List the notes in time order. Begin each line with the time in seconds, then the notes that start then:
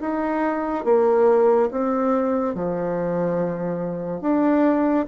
0.00 D#4
0.85 A#3
1.71 C4
2.55 F3
4.21 D4